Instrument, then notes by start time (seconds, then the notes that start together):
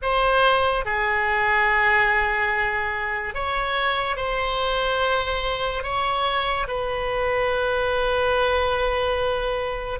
oboe
0.02 C5
0.85 G#4
3.34 C#5
4.16 C5
5.83 C#5
6.67 B4